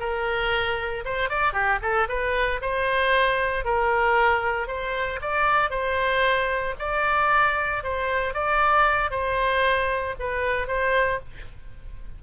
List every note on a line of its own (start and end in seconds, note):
0.00 1.04 A#4
1.05 1.29 C5
1.29 1.53 D5
1.53 1.79 G4
1.82 2.08 A4
2.09 2.61 B4
2.62 3.65 C5
3.65 4.68 A#4
4.68 5.20 C5
5.22 5.71 D5
5.71 6.75 C5
6.79 7.84 D5
7.84 8.34 C5
8.34 9.11 D5
9.11 10.15 C5
10.20 10.68 B4
10.68 11.20 C5